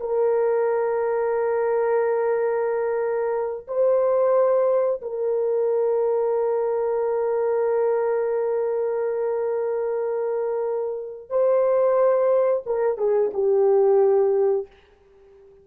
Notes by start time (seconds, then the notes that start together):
0.00 A#4
3.68 C5
5.02 A#4
11.30 C5
12.66 A#4
12.98 G#4
13.34 G4